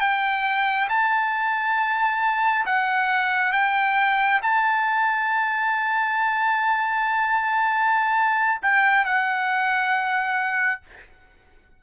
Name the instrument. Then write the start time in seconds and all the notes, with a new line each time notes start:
trumpet
0.00 G5
0.89 A5
2.66 F#5
3.52 G5
4.42 A5
8.62 G5
9.05 F#5